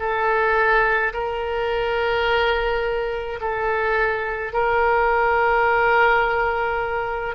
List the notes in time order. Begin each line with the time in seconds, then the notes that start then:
0.00 A4
1.14 A#4
3.41 A4
4.53 A#4